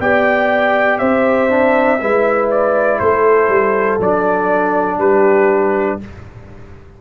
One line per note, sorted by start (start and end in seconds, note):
0.00 1.00 B3
0.00 1.50 G4
0.00 1.00 D5
0.00 0.99 G5
0.99 2.01 C4
0.99 2.00 C5
0.99 2.49 E5
1.50 2.00 D4
2.01 3.01 G#3
2.01 4.01 E4
2.01 3.01 B4
2.51 3.00 D5
3.00 3.49 A3
3.00 4.99 A4
3.00 4.00 C5
3.49 3.99 G3
3.99 4.99 F#3
3.99 6.01 D4
3.99 5.00 D5
4.99 5.99 G3
4.99 5.99 G4
4.99 6.00 B4